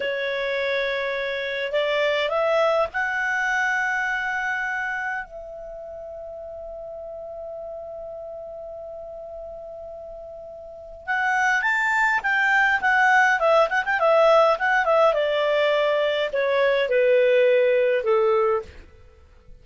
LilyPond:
\new Staff \with { instrumentName = "clarinet" } { \time 4/4 \tempo 4 = 103 cis''2. d''4 | e''4 fis''2.~ | fis''4 e''2.~ | e''1~ |
e''2. fis''4 | a''4 g''4 fis''4 e''8 fis''16 g''16 | e''4 fis''8 e''8 d''2 | cis''4 b'2 a'4 | }